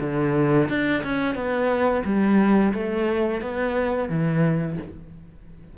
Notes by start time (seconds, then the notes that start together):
0.00 D3
0.69 D4
1.03 C#4
1.35 B3
2.05 G3
2.73 A3
3.41 B3
4.09 E3